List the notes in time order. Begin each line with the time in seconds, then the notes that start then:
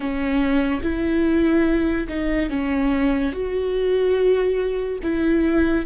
0.00 C#4
0.82 E4
2.08 D#4
2.49 C#4
3.32 F#4
5.02 E4